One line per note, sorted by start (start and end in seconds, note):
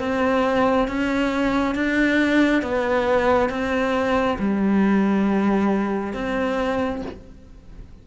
0.00 0.88 C4
0.88 1.75 C#4
1.75 2.63 D4
2.63 3.50 B3
3.50 4.38 C4
4.39 6.14 G3
6.14 7.02 C4